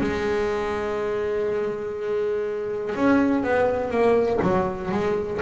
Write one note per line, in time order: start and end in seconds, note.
0.00 2.95 G#3
2.95 3.43 C#4
3.43 3.90 B3
3.90 4.39 A#3
4.42 4.91 F#3
4.91 5.40 G#3